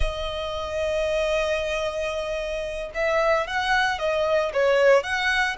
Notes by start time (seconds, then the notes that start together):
0.00 D#5
2.94 E5
3.47 F#5
3.98 D#5
4.53 C#5
5.03 F#5